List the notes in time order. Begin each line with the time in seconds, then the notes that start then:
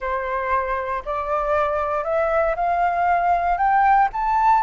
0.00 C5
1.05 D5
2.04 E5
2.55 F5
3.57 G5
4.12 A5